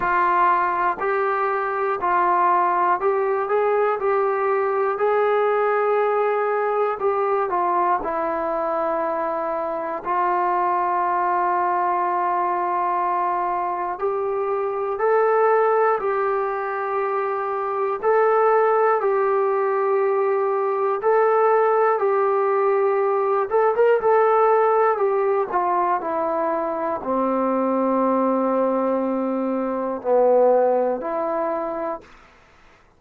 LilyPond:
\new Staff \with { instrumentName = "trombone" } { \time 4/4 \tempo 4 = 60 f'4 g'4 f'4 g'8 gis'8 | g'4 gis'2 g'8 f'8 | e'2 f'2~ | f'2 g'4 a'4 |
g'2 a'4 g'4~ | g'4 a'4 g'4. a'16 ais'16 | a'4 g'8 f'8 e'4 c'4~ | c'2 b4 e'4 | }